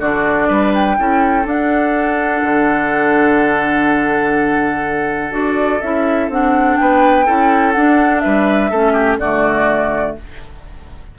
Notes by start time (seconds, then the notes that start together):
0.00 D3 D4 F#4 D5
0.48 G3 B4
0.74 G5
0.98 C#4 E4 A4
1.45 D4 F#5
2.43 D3
5.31 D4 F#4 D5
5.81 C#4 E4 E5
6.29 C4 D4 F#5
6.77 B3 B4 G5
7.26 C#4 E4 A4
7.72 D4 F#5
8.20 G3 B4 E5
8.71 A3 C#4 A4
8.93 G4
9.19 D3 A3 F#4 D5